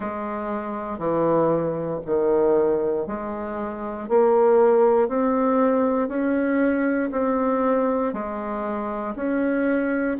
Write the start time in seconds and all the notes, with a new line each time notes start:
0.00 G#3
0.98 E3
2.06 D#3
3.06 G#3
4.08 A#3
5.08 C4
6.08 C#4
7.11 C4
8.13 G#3
9.15 C#4